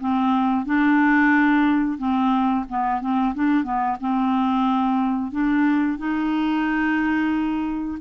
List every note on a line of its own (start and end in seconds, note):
0.00 0.65 C4
0.65 1.98 D4
1.98 2.65 C4
2.68 3.01 B3
3.01 3.34 C4
3.34 3.63 D4
3.63 3.97 B3
4.00 5.31 C4
5.31 5.98 D4
5.98 7.98 D#4